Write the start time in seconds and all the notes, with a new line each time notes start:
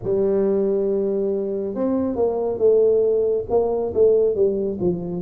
0.03 G3
1.74 C4
2.15 A#3
2.57 A3
3.49 A#3
3.94 A3
4.35 G3
4.80 F3